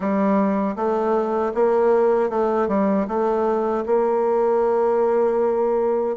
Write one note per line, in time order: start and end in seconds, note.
0.00 0.75 G3
0.76 1.52 A3
1.54 2.29 A#3
2.29 2.67 A3
2.68 3.06 G3
3.07 3.84 A3
3.86 6.16 A#3